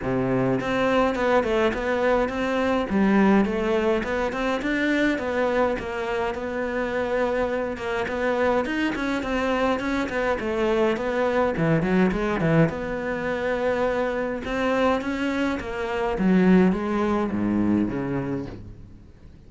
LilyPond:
\new Staff \with { instrumentName = "cello" } { \time 4/4 \tempo 4 = 104 c4 c'4 b8 a8 b4 | c'4 g4 a4 b8 c'8 | d'4 b4 ais4 b4~ | b4. ais8 b4 dis'8 cis'8 |
c'4 cis'8 b8 a4 b4 | e8 fis8 gis8 e8 b2~ | b4 c'4 cis'4 ais4 | fis4 gis4 gis,4 cis4 | }